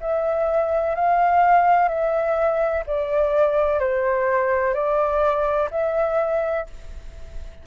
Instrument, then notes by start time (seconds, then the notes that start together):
flute
0.00 E5
0.95 F5
1.88 E5
2.86 D5
3.79 C5
4.74 D5
5.71 E5